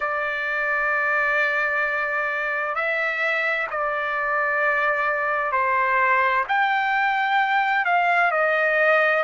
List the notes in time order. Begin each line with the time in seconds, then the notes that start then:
0.00 D5
2.74 E5
3.70 D5
5.51 C5
6.48 G5
7.85 F5
8.31 D#5